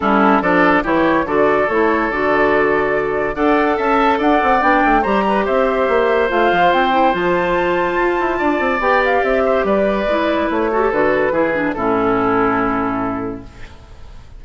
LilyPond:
<<
  \new Staff \with { instrumentName = "flute" } { \time 4/4 \tempo 4 = 143 a'4 d''4 cis''4 d''4 | cis''4 d''2. | fis''4 a''4 fis''4 g''4 | ais''4 e''2 f''4 |
g''4 a''2.~ | a''4 g''8 f''8 e''4 d''4~ | d''4 cis''4 b'2 | a'1 | }
  \new Staff \with { instrumentName = "oboe" } { \time 4/4 e'4 a'4 g'4 a'4~ | a'1 | d''4 e''4 d''2 | c''8 b'8 c''2.~ |
c''1 | d''2~ d''8 c''8 b'4~ | b'4. a'4. gis'4 | e'1 | }
  \new Staff \with { instrumentName = "clarinet" } { \time 4/4 cis'4 d'4 e'4 fis'4 | e'4 fis'2. | a'2. d'4 | g'2. f'4~ |
f'8 e'8 f'2.~ | f'4 g'2. | e'4. fis'16 g'16 fis'4 e'8 d'8 | cis'1 | }
  \new Staff \with { instrumentName = "bassoon" } { \time 4/4 g4 f4 e4 d4 | a4 d2. | d'4 cis'4 d'8 c'8 b8 a8 | g4 c'4 ais4 a8 f8 |
c'4 f2 f'8 e'8 | d'8 c'8 b4 c'4 g4 | gis4 a4 d4 e4 | a,1 | }
>>